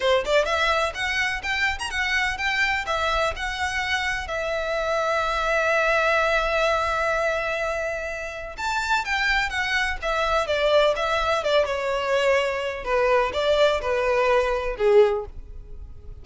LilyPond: \new Staff \with { instrumentName = "violin" } { \time 4/4 \tempo 4 = 126 c''8 d''8 e''4 fis''4 g''8. ais''16 | fis''4 g''4 e''4 fis''4~ | fis''4 e''2.~ | e''1~ |
e''2 a''4 g''4 | fis''4 e''4 d''4 e''4 | d''8 cis''2~ cis''8 b'4 | d''4 b'2 gis'4 | }